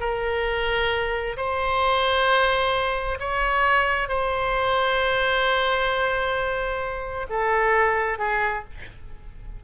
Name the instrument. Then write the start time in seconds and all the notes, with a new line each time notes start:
oboe
0.00 A#4
1.37 C5
3.20 C#5
4.09 C5
7.30 A4
8.19 G#4